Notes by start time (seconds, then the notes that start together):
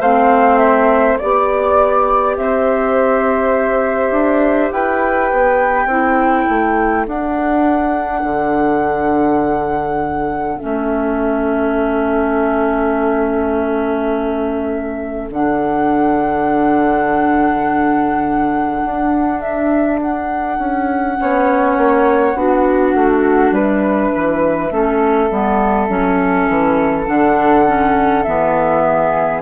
0.00 A3 C4 C5 F5
0.58 E5
1.18 B3 G4 D5
2.37 C4 C5 E5
4.11 D4
4.71 E4 B4 G5
5.31 B3
5.86 C4 E4 A4
6.49 A3
7.06 D4 F#5
8.23 D3
10.58 A3 C#4 E5
15.30 D3 D4 F#5
18.84 D4
19.40 E5
20.01 F#5
20.58 C#4
21.18 B3 C#4 C#5
21.77 A#3
22.34 B3 D4 F#4
22.94 A3
23.51 G3 B4 E5
24.15 E3
24.71 A3 C#4 A4
25.31 G3 B3
25.88 F#3 C#4
26.49 E3
27.05 D3 D4 F#5
27.66 C#4
28.23 E3 B3 E5
28.83 G#4